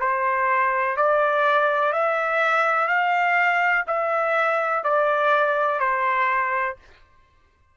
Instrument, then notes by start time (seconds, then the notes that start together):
trumpet
0.00 C5
0.96 D5
1.93 E5
2.88 F5
3.87 E5
4.83 D5
5.79 C5